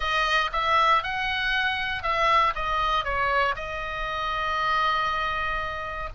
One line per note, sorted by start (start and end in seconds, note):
0.00 0.50 D#5
0.52 1.03 E5
1.03 2.02 F#5
2.02 2.53 E5
2.55 3.04 D#5
3.04 3.55 C#5
3.55 6.09 D#5